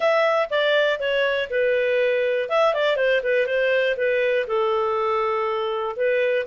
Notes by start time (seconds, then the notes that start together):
0.00 E5
0.50 D5
0.99 C#5
1.50 B4
2.49 E5
2.74 D5
2.96 C5
3.23 B4
3.46 C5
3.96 B4
4.47 A4
5.96 B4